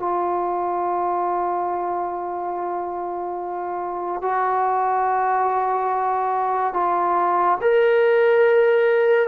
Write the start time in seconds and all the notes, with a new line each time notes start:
0.00 F4
4.22 F#4
6.74 F4
7.62 A#4